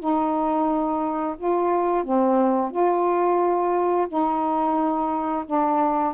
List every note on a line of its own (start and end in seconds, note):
0.00 1.36 D#4
1.38 2.05 F4
2.05 2.71 C4
2.71 4.08 F4
4.09 5.45 D#4
5.46 6.14 D4